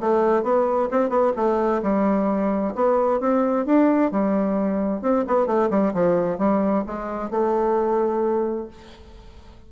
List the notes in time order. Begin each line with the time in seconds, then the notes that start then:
0.00 A3
0.43 B3
0.91 C4
1.09 B3
1.36 A3
1.82 G3
2.75 B3
3.20 C4
3.66 D4
4.11 G3
5.02 C4
5.27 B3
5.46 A3
5.70 G3
5.94 F3
6.38 G3
6.87 G#3
7.30 A3